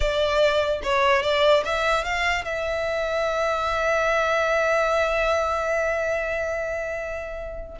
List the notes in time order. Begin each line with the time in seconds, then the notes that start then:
0.00 D5
0.83 C#5
1.22 D5
1.64 E5
2.04 F5
2.44 E5